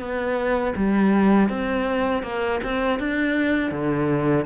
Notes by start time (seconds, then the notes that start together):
0.00 B3
0.76 G3
1.49 C4
2.23 A#3
2.64 C4
3.00 D4
3.72 D3